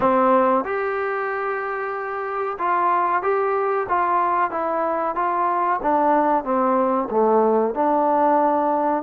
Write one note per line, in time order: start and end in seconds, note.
0.00 0.64 C4
0.64 2.57 G4
2.58 3.22 F4
3.22 3.87 G4
3.88 4.50 F4
4.50 5.15 E4
5.15 5.79 F4
5.82 6.43 D4
6.43 7.08 C4
7.10 7.74 A3
7.74 9.03 D4